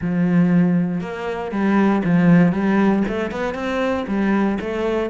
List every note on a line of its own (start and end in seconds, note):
0.01 1.01 F3
1.01 1.51 A#3
1.51 2.02 G3
2.04 2.52 F3
2.52 3.03 G3
3.07 3.31 A3
3.31 3.54 B3
3.54 4.05 C4
4.07 4.58 G3
4.60 5.09 A3